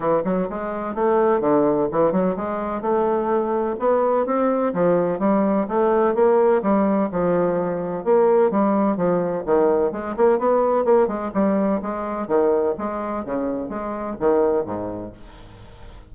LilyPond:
\new Staff \with { instrumentName = "bassoon" } { \time 4/4 \tempo 4 = 127 e8 fis8 gis4 a4 d4 | e8 fis8 gis4 a2 | b4 c'4 f4 g4 | a4 ais4 g4 f4~ |
f4 ais4 g4 f4 | dis4 gis8 ais8 b4 ais8 gis8 | g4 gis4 dis4 gis4 | cis4 gis4 dis4 gis,4 | }